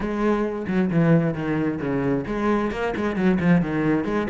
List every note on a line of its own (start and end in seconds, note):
0.00 0.65 G#3
0.67 0.90 F#3
0.90 1.33 E3
1.33 1.79 D#3
1.79 2.24 C#3
2.26 2.71 G#3
2.71 2.93 A#3
2.96 3.15 G#3
3.15 3.38 F#3
3.40 3.61 F3
3.61 4.04 D#3
4.04 4.27 G#3